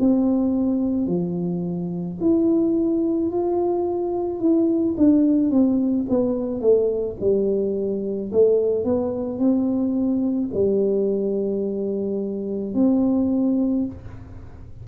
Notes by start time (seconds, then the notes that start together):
0.00 C4
1.07 F3
2.21 E4
3.31 F4
4.40 E4
4.97 D4
5.51 C4
6.10 B3
6.61 A3
7.21 G3
8.32 A3
8.85 B3
9.39 C4
10.54 G3
12.74 C4